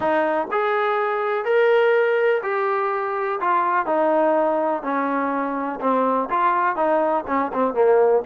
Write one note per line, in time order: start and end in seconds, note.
0.00 0.47 D#4
0.51 1.45 G#4
1.45 2.41 A#4
2.42 3.39 G4
3.40 3.86 F4
3.86 4.83 D#4
4.83 5.79 C#4
5.80 6.28 C4
6.29 6.76 F4
6.76 7.24 D#4
7.27 7.51 C#4
7.53 7.74 C4
7.74 8.22 A#3